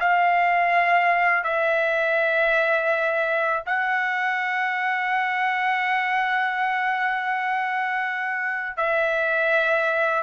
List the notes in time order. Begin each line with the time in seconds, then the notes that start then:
0.00 F5
1.44 E5
3.66 F#5
8.77 E5